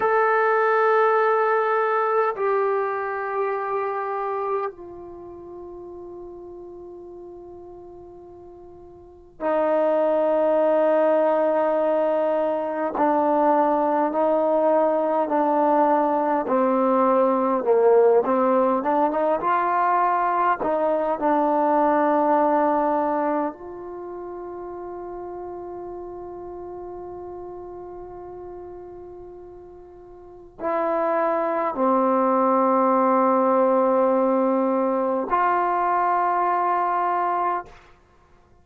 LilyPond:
\new Staff \with { instrumentName = "trombone" } { \time 4/4 \tempo 4 = 51 a'2 g'2 | f'1 | dis'2. d'4 | dis'4 d'4 c'4 ais8 c'8 |
d'16 dis'16 f'4 dis'8 d'2 | f'1~ | f'2 e'4 c'4~ | c'2 f'2 | }